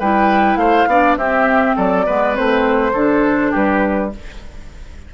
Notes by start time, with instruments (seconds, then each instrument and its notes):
0.00 bassoon G3, clarinet E4, oboe B4, flute G5
0.56 bassoon A3, oboe C5, flute F5
0.87 bassoon B3, clarinet D4, oboe D5
1.17 bassoon C4, clarinet C4, oboe G4, flute E5
1.76 bassoon F#3, oboe A4, flute D5
2.06 bassoon G#3, clarinet B3, oboe B4
2.34 bassoon A3, clarinet C4, flute C5
2.93 bassoon D3, clarinet D4, oboe A4
3.52 bassoon G3, oboe G4, flute B4